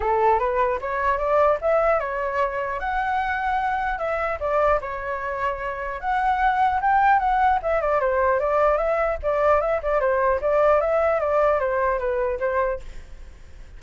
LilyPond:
\new Staff \with { instrumentName = "flute" } { \time 4/4 \tempo 4 = 150 a'4 b'4 cis''4 d''4 | e''4 cis''2 fis''4~ | fis''2 e''4 d''4 | cis''2. fis''4~ |
fis''4 g''4 fis''4 e''8 d''8 | c''4 d''4 e''4 d''4 | e''8 d''8 c''4 d''4 e''4 | d''4 c''4 b'4 c''4 | }